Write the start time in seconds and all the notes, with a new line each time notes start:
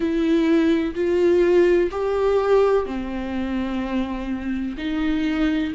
0.00 E4
0.94 F4
1.91 G4
2.86 C4
4.77 D#4